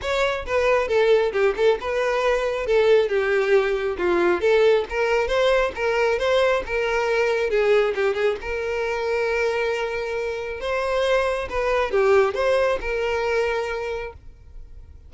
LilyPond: \new Staff \with { instrumentName = "violin" } { \time 4/4 \tempo 4 = 136 cis''4 b'4 a'4 g'8 a'8 | b'2 a'4 g'4~ | g'4 f'4 a'4 ais'4 | c''4 ais'4 c''4 ais'4~ |
ais'4 gis'4 g'8 gis'8 ais'4~ | ais'1 | c''2 b'4 g'4 | c''4 ais'2. | }